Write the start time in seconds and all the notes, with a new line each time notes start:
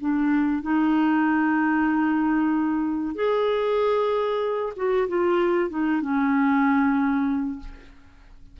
0.00 D4
0.62 D#4
3.15 G#4
4.76 F#4
5.08 F4
5.69 D#4
6.01 C#4